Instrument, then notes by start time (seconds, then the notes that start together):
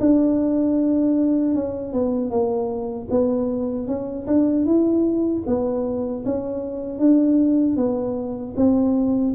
tuba
0.00 D4
1.54 C#4
1.93 B3
2.30 A#3
3.10 B3
3.87 C#4
4.27 D4
4.65 E4
5.46 B3
6.25 C#4
6.99 D4
7.76 B3
8.56 C4